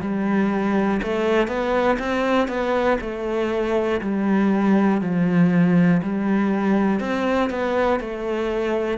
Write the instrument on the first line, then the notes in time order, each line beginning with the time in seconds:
cello
0.00 G3
1.02 A3
1.47 B3
1.99 C4
2.48 B3
3.00 A3
4.00 G3
5.01 F3
6.02 G3
7.00 C4
7.50 B3
8.00 A3